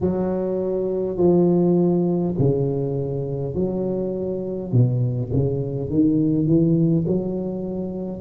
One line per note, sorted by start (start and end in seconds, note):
0.01 1.17 F#3
1.17 2.34 F3
2.39 3.55 C#3
3.55 4.72 F#3
4.72 5.30 B2
5.33 5.89 C#3
5.89 6.46 D#3
6.46 7.05 E3
7.06 8.21 F#3